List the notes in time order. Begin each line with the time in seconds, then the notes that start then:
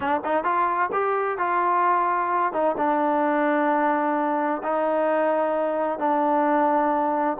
0.00 D4
0.24 D#4
0.43 F4
0.92 G4
1.38 F4
2.52 D#4
2.77 D4
4.63 D#4
5.98 D4